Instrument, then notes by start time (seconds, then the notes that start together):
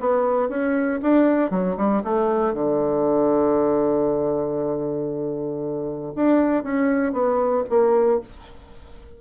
bassoon
0.00 B3
0.50 C#4
1.03 D4
1.51 F#3
1.77 G3
2.04 A3
2.54 D3
6.16 D4
6.64 C#4
7.13 B3
7.70 A#3